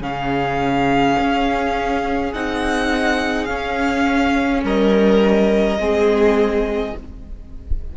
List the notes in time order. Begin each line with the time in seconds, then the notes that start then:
0.00 C#3 C#4 G#4 F5
1.19 C#4
2.33 C4 D#4 F#5
3.45 C#4 F5
4.62 G3 A#4 D#5
5.77 G#3 C4 G#4